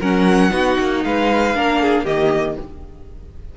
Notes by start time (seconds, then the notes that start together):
0.00 F#3 C#4 A#4 F#5
0.51 B3 D#4 F#4
0.79 A#3
1.05 G#3 B4 F5
1.55 A#3 D4 A#4
1.82 G#4
2.04 D#3 A#3 G4 D#5